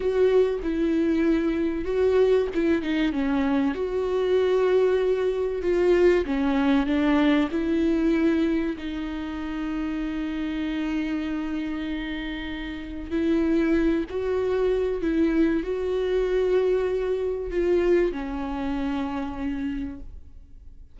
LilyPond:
\new Staff \with { instrumentName = "viola" } { \time 4/4 \tempo 4 = 96 fis'4 e'2 fis'4 | e'8 dis'8 cis'4 fis'2~ | fis'4 f'4 cis'4 d'4 | e'2 dis'2~ |
dis'1~ | dis'4 e'4. fis'4. | e'4 fis'2. | f'4 cis'2. | }